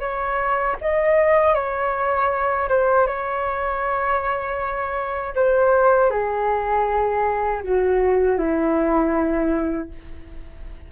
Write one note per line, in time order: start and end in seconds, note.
0.00 0.76 C#5
0.81 1.55 D#5
1.55 2.69 C#5
2.69 3.07 C5
3.07 5.34 C#5
5.35 6.10 C5
6.10 7.62 G#4
7.63 8.38 F#4
8.38 9.89 E4